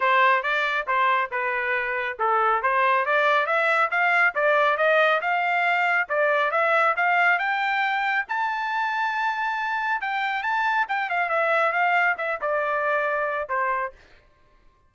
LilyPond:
\new Staff \with { instrumentName = "trumpet" } { \time 4/4 \tempo 4 = 138 c''4 d''4 c''4 b'4~ | b'4 a'4 c''4 d''4 | e''4 f''4 d''4 dis''4 | f''2 d''4 e''4 |
f''4 g''2 a''4~ | a''2. g''4 | a''4 g''8 f''8 e''4 f''4 | e''8 d''2~ d''8 c''4 | }